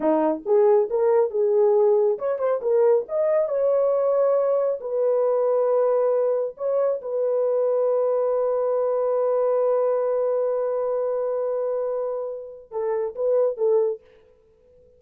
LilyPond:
\new Staff \with { instrumentName = "horn" } { \time 4/4 \tempo 4 = 137 dis'4 gis'4 ais'4 gis'4~ | gis'4 cis''8 c''8 ais'4 dis''4 | cis''2. b'4~ | b'2. cis''4 |
b'1~ | b'1~ | b'1~ | b'4 a'4 b'4 a'4 | }